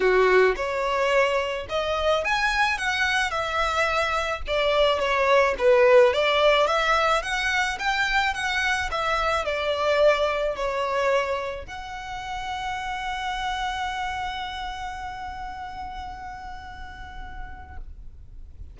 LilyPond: \new Staff \with { instrumentName = "violin" } { \time 4/4 \tempo 4 = 108 fis'4 cis''2 dis''4 | gis''4 fis''4 e''2 | d''4 cis''4 b'4 d''4 | e''4 fis''4 g''4 fis''4 |
e''4 d''2 cis''4~ | cis''4 fis''2.~ | fis''1~ | fis''1 | }